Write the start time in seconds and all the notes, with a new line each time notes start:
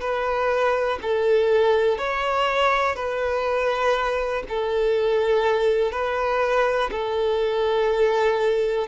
0.00 B4
1.02 A4
1.98 C#5
2.96 B4
4.49 A4
5.92 B4
6.91 A4